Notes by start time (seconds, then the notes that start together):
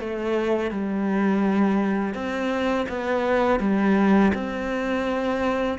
0.00 A3
0.71 G3
2.15 C4
2.89 B3
3.60 G3
4.34 C4